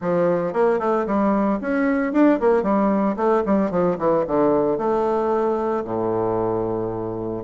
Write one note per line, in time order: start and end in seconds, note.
0.01 0.53 F3
0.53 0.79 A#3
0.79 1.05 A3
1.06 1.59 G3
1.61 2.12 C#4
2.12 2.39 D4
2.39 2.62 A#3
2.62 3.15 G3
3.16 3.43 A3
3.45 3.70 G3
3.70 3.97 F3
3.98 4.25 E3
4.27 4.77 D3
4.77 5.84 A3
5.84 7.43 A2